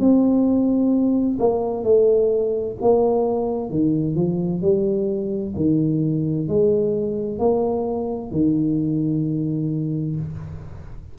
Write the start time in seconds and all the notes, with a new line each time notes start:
0.00 C4
1.40 A#3
1.84 A3
2.82 A#3
3.70 D#3
4.16 F3
4.62 G3
5.56 D#3
6.49 G#3
7.39 A#3
8.32 D#3